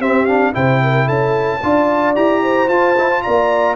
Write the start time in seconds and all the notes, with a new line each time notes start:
0.00 C4 G4 E5
0.26 D4 F5
0.53 C3 E4 C5 G5
0.83 A#4
1.06 C#4 A4 A5
1.62 D4 F4 D5
2.15 E4 G4 A#5
2.43 C5
2.69 F4 A5
2.98 E4
3.10 F4
3.23 A#3 D5 A#5